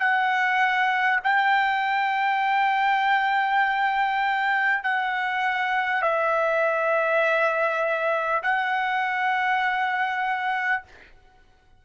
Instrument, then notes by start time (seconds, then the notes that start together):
trumpet
0.00 F#5
1.23 G5
4.83 F#5
6.02 E5
8.42 F#5